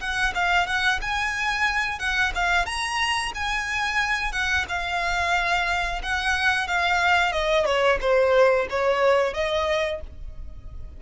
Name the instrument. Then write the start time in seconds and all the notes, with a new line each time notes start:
violin
0.00 F#5
0.34 F5
0.66 F#5
1.01 G#5
1.99 F#5
2.35 F5
2.65 A#5
3.35 G#5
4.32 F#5
4.68 F5
6.02 F#5
6.67 F5
7.32 D#5
7.65 C#5
8.01 C5
8.70 C#5
9.34 D#5